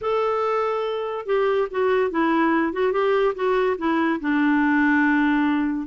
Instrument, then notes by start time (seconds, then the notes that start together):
clarinet
0.01 A4
1.25 G4
1.70 F#4
2.10 E4
2.73 F#4
2.92 G4
3.35 F#4
3.77 E4
4.20 D4